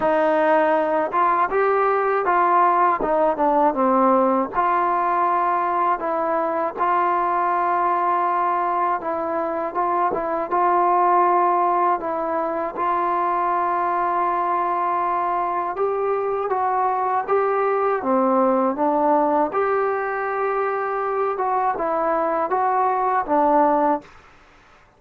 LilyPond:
\new Staff \with { instrumentName = "trombone" } { \time 4/4 \tempo 4 = 80 dis'4. f'8 g'4 f'4 | dis'8 d'8 c'4 f'2 | e'4 f'2. | e'4 f'8 e'8 f'2 |
e'4 f'2.~ | f'4 g'4 fis'4 g'4 | c'4 d'4 g'2~ | g'8 fis'8 e'4 fis'4 d'4 | }